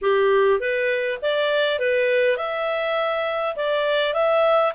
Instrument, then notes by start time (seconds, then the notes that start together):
clarinet
0.01 G4
0.59 B4
1.22 D5
1.79 B4
2.36 E5
3.56 D5
4.13 E5